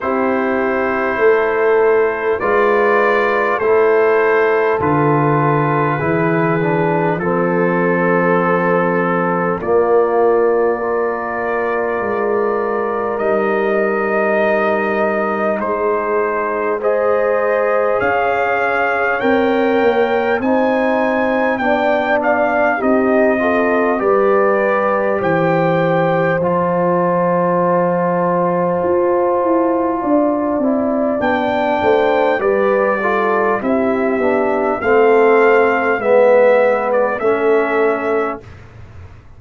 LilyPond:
<<
  \new Staff \with { instrumentName = "trumpet" } { \time 4/4 \tempo 4 = 50 c''2 d''4 c''4 | b'2 a'2 | d''2. dis''4~ | dis''4 c''4 dis''4 f''4 |
g''4 gis''4 g''8 f''8 dis''4 | d''4 g''4 a''2~ | a''2 g''4 d''4 | e''4 f''4 e''8. d''16 e''4 | }
  \new Staff \with { instrumentName = "horn" } { \time 4/4 g'4 a'4 b'4 a'4~ | a'4 gis'4 a'2 | f'4 ais'2.~ | ais'4 gis'4 c''4 cis''4~ |
cis''4 c''4 d''4 g'8 a'8 | b'4 c''2.~ | c''4 d''4. c''8 b'8 a'8 | g'4 a'4 b'4 a'4 | }
  \new Staff \with { instrumentName = "trombone" } { \time 4/4 e'2 f'4 e'4 | f'4 e'8 d'8 c'2 | ais4 f'2 dis'4~ | dis'2 gis'2 |
ais'4 dis'4 d'4 dis'8 f'8 | g'2 f'2~ | f'4. e'8 d'4 g'8 f'8 | e'8 d'8 c'4 b4 cis'4 | }
  \new Staff \with { instrumentName = "tuba" } { \time 4/4 c'4 a4 gis4 a4 | d4 e4 f2 | ais2 gis4 g4~ | g4 gis2 cis'4 |
c'8 ais8 c'4 b4 c'4 | g4 e4 f2 | f'8 e'8 d'8 c'8 b8 a8 g4 | c'8 b8 a4 gis4 a4 | }
>>